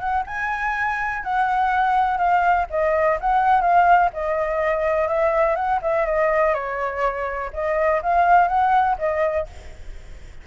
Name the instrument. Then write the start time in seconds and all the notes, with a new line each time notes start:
flute
0.00 F#5
0.27 G#5
1.24 F#5
2.18 F5
2.71 D#5
3.21 F#5
3.62 F5
4.13 D#5
5.09 E5
5.56 F#5
5.83 E5
6.06 D#5
6.55 C#5
7.54 D#5
8.03 F5
8.49 F#5
8.99 D#5